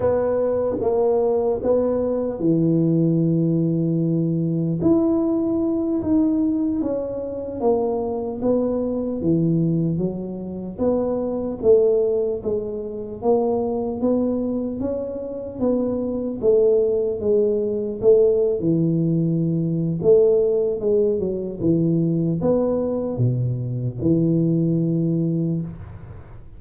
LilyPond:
\new Staff \with { instrumentName = "tuba" } { \time 4/4 \tempo 4 = 75 b4 ais4 b4 e4~ | e2 e'4. dis'8~ | dis'8 cis'4 ais4 b4 e8~ | e8 fis4 b4 a4 gis8~ |
gis8 ais4 b4 cis'4 b8~ | b8 a4 gis4 a8. e8.~ | e4 a4 gis8 fis8 e4 | b4 b,4 e2 | }